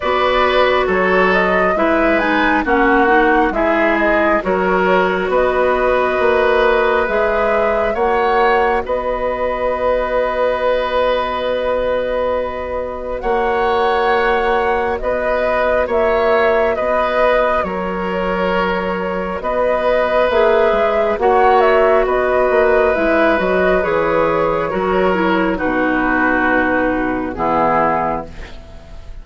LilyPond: <<
  \new Staff \with { instrumentName = "flute" } { \time 4/4 \tempo 4 = 68 d''4 cis''8 dis''8 e''8 gis''8 fis''4 | e''8 dis''8 cis''4 dis''2 | e''4 fis''4 dis''2~ | dis''2. fis''4~ |
fis''4 dis''4 e''4 dis''4 | cis''2 dis''4 e''4 | fis''8 e''8 dis''4 e''8 dis''8 cis''4~ | cis''4 b'2 gis'4 | }
  \new Staff \with { instrumentName = "oboe" } { \time 4/4 b'4 a'4 b'4 fis'4 | gis'4 ais'4 b'2~ | b'4 cis''4 b'2~ | b'2. cis''4~ |
cis''4 b'4 cis''4 b'4 | ais'2 b'2 | cis''4 b'2. | ais'4 fis'2 e'4 | }
  \new Staff \with { instrumentName = "clarinet" } { \time 4/4 fis'2 e'8 dis'8 cis'8 dis'8 | e'4 fis'2. | gis'4 fis'2.~ | fis'1~ |
fis'1~ | fis'2. gis'4 | fis'2 e'8 fis'8 gis'4 | fis'8 e'8 dis'2 b4 | }
  \new Staff \with { instrumentName = "bassoon" } { \time 4/4 b4 fis4 gis4 ais4 | gis4 fis4 b4 ais4 | gis4 ais4 b2~ | b2. ais4~ |
ais4 b4 ais4 b4 | fis2 b4 ais8 gis8 | ais4 b8 ais8 gis8 fis8 e4 | fis4 b,2 e4 | }
>>